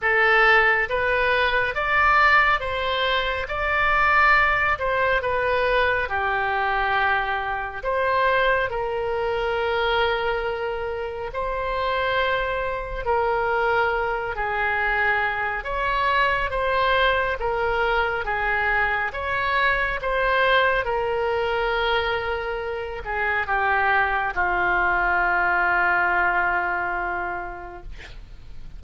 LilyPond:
\new Staff \with { instrumentName = "oboe" } { \time 4/4 \tempo 4 = 69 a'4 b'4 d''4 c''4 | d''4. c''8 b'4 g'4~ | g'4 c''4 ais'2~ | ais'4 c''2 ais'4~ |
ais'8 gis'4. cis''4 c''4 | ais'4 gis'4 cis''4 c''4 | ais'2~ ais'8 gis'8 g'4 | f'1 | }